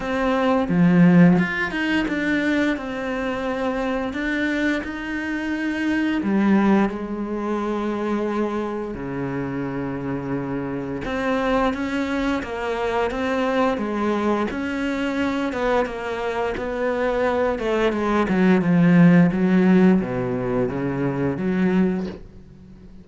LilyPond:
\new Staff \with { instrumentName = "cello" } { \time 4/4 \tempo 4 = 87 c'4 f4 f'8 dis'8 d'4 | c'2 d'4 dis'4~ | dis'4 g4 gis2~ | gis4 cis2. |
c'4 cis'4 ais4 c'4 | gis4 cis'4. b8 ais4 | b4. a8 gis8 fis8 f4 | fis4 b,4 cis4 fis4 | }